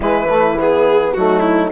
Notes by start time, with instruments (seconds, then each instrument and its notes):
0.00 bassoon E3, trombone G#3, horn E4, violin B4
0.29 trombone A3
0.59 trombone B3, violin G#4
1.14 bassoon F#3, trombone A3, horn D#4, violin F#4
1.39 violin E4